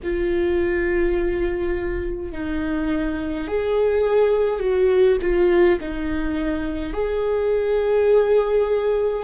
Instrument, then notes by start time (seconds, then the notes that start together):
viola
0.03 F4
2.32 D#4
3.47 G#4
4.59 F#4
5.21 F4
5.80 D#4
6.93 G#4